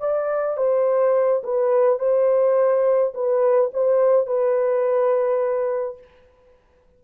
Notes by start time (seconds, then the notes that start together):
0.00 D5
0.57 C5
1.44 B4
1.99 C5
3.14 B4
3.74 C5
4.27 B4